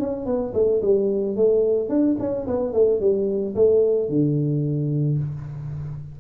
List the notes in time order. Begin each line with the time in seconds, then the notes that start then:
0.00 C#4
0.26 B3
0.54 A3
0.82 G3
1.36 A3
1.89 D4
2.20 C#4
2.47 B3
2.73 A3
3.01 G3
3.56 A3
4.09 D3